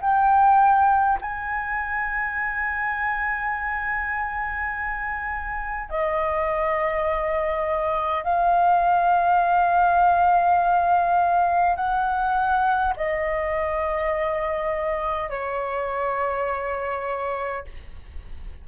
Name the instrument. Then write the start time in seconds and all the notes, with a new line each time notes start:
flute
0.00 G5
1.21 G#5
5.89 D#5
8.23 F5
11.76 F#5
12.96 D#5
15.29 C#5